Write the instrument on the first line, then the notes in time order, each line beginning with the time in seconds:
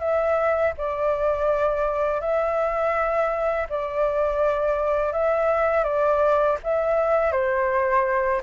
flute
0.00 E5
0.78 D5
2.21 E5
3.70 D5
5.13 E5
5.84 D5
6.64 E5
7.32 C5